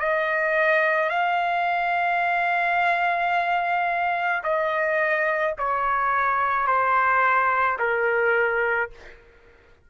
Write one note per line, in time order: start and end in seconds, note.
0.00 1.10 D#5
1.10 4.43 F5
4.44 5.55 D#5
5.59 6.68 C#5
6.68 7.79 C5
7.79 8.90 A#4